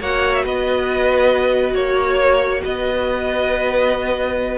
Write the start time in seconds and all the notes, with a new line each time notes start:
0.00 A#3 F#4 C#5 F#5
0.34 E5
0.44 B3 B4 D#5
1.73 A#3 C#5
2.63 B3 B4 D#5